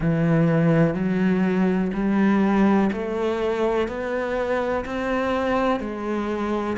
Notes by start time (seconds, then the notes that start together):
0.00 E3
0.94 F#3
1.94 G3
2.92 A3
3.88 B3
4.85 C4
5.80 G#3